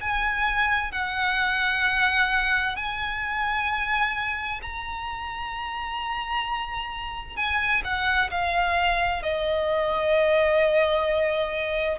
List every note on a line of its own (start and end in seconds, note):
0.00 0.91 G#5
0.91 2.76 F#5
2.76 4.60 G#5
4.62 7.36 A#5
7.36 7.82 G#5
7.84 8.30 F#5
8.30 9.22 F5
9.22 11.98 D#5